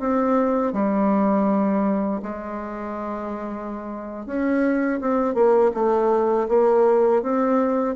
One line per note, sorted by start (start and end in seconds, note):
0.00 0.73 C4
0.73 2.22 G3
2.23 4.26 G#3
4.26 5.00 C#4
5.01 5.35 C4
5.35 5.72 A#3
5.74 6.48 A3
6.49 7.23 A#3
7.23 7.96 C4